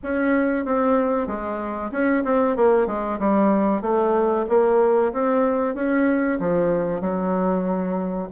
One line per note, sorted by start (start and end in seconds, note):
0.03 0.65 C#4
0.65 1.27 C4
1.27 1.91 G#3
1.91 2.23 C#4
2.24 2.56 C4
2.56 2.86 A#3
2.86 3.18 G#3
3.19 3.81 G3
3.81 4.45 A3
4.48 5.12 A#3
5.12 5.74 C4
5.74 6.38 C#4
6.39 7.00 F3
7.00 8.28 F#3